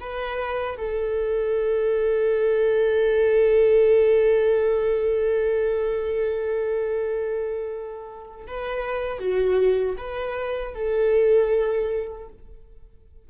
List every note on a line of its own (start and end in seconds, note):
0.00 0.77 B4
0.77 8.47 A4
8.47 9.19 B4
9.19 9.96 F#4
9.97 10.74 B4
10.74 12.28 A4